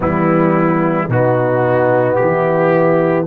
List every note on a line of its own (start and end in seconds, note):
0.00 1.08 E3
0.00 1.09 G3
0.00 1.07 B3
0.00 1.10 E4
1.08 2.17 B2
1.08 3.27 B3
1.08 2.18 D#4
1.08 2.15 F#4
2.15 3.27 E3
2.15 3.27 E4
2.15 3.24 G4